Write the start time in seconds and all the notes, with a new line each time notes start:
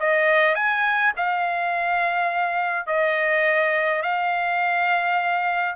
0.00 D#5
0.55 G#5
1.16 F5
2.87 D#5
4.02 F5